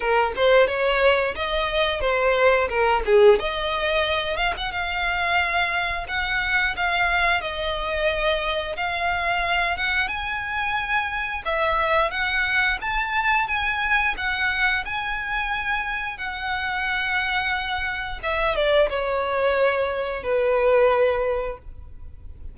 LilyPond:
\new Staff \with { instrumentName = "violin" } { \time 4/4 \tempo 4 = 89 ais'8 c''8 cis''4 dis''4 c''4 | ais'8 gis'8 dis''4. f''16 fis''16 f''4~ | f''4 fis''4 f''4 dis''4~ | dis''4 f''4. fis''8 gis''4~ |
gis''4 e''4 fis''4 a''4 | gis''4 fis''4 gis''2 | fis''2. e''8 d''8 | cis''2 b'2 | }